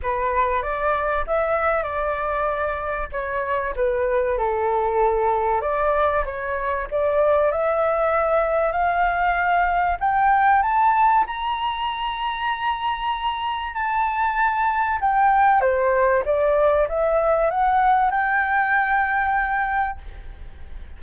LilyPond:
\new Staff \with { instrumentName = "flute" } { \time 4/4 \tempo 4 = 96 b'4 d''4 e''4 d''4~ | d''4 cis''4 b'4 a'4~ | a'4 d''4 cis''4 d''4 | e''2 f''2 |
g''4 a''4 ais''2~ | ais''2 a''2 | g''4 c''4 d''4 e''4 | fis''4 g''2. | }